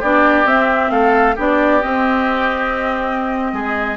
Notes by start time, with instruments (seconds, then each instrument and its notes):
0.00 bassoon B3, clarinet D4, oboe G4, flute D5
0.45 clarinet C4, bassoon C4, flute E5
0.91 bassoon A3, oboe A4, flute F5
1.36 bassoon B3, clarinet D4, oboe G4, flute D5
1.82 clarinet C4, bassoon C4, flute D#5
3.53 bassoon G#3, oboe G#4